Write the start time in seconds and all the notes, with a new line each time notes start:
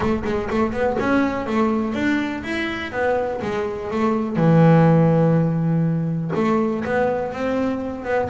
0.00 A3
0.24 G#3
0.50 A3
0.72 B3
0.99 C#4
1.46 A3
1.94 D4
2.43 E4
2.91 B3
3.42 G#3
3.90 A3
4.36 E3
6.35 A3
6.84 B3
7.32 C4
8.04 B3